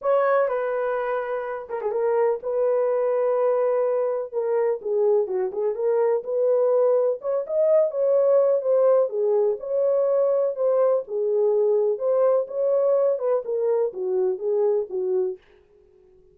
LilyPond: \new Staff \with { instrumentName = "horn" } { \time 4/4 \tempo 4 = 125 cis''4 b'2~ b'8 ais'16 gis'16 | ais'4 b'2.~ | b'4 ais'4 gis'4 fis'8 gis'8 | ais'4 b'2 cis''8 dis''8~ |
dis''8 cis''4. c''4 gis'4 | cis''2 c''4 gis'4~ | gis'4 c''4 cis''4. b'8 | ais'4 fis'4 gis'4 fis'4 | }